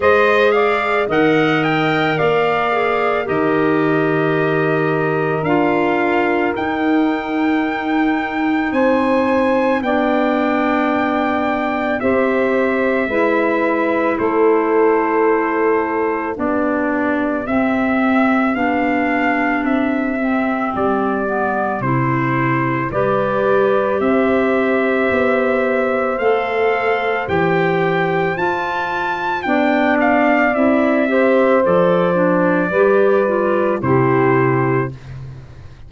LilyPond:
<<
  \new Staff \with { instrumentName = "trumpet" } { \time 4/4 \tempo 4 = 55 dis''8 f''8 fis''8 g''8 f''4 dis''4~ | dis''4 f''4 g''2 | gis''4 g''2 e''4~ | e''4 c''2 d''4 |
e''4 f''4 e''4 d''4 | c''4 d''4 e''2 | f''4 g''4 a''4 g''8 f''8 | e''4 d''2 c''4 | }
  \new Staff \with { instrumentName = "saxophone" } { \time 4/4 c''8 d''8 dis''4 d''4 ais'4~ | ais'1 | c''4 d''2 c''4 | b'4 a'2 g'4~ |
g'1~ | g'4 b'4 c''2~ | c''2. d''4~ | d''8 c''4. b'4 g'4 | }
  \new Staff \with { instrumentName = "clarinet" } { \time 4/4 gis'4 ais'4. gis'8 g'4~ | g'4 f'4 dis'2~ | dis'4 d'2 g'4 | e'2. d'4 |
c'4 d'4. c'4 b8 | e'4 g'2. | a'4 g'4 f'4 d'4 | e'8 g'8 a'8 d'8 g'8 f'8 e'4 | }
  \new Staff \with { instrumentName = "tuba" } { \time 4/4 gis4 dis4 ais4 dis4~ | dis4 d'4 dis'2 | c'4 b2 c'4 | gis4 a2 b4 |
c'4 b4 c'4 g4 | c4 g4 c'4 b4 | a4 e4 f'4 b4 | c'4 f4 g4 c4 | }
>>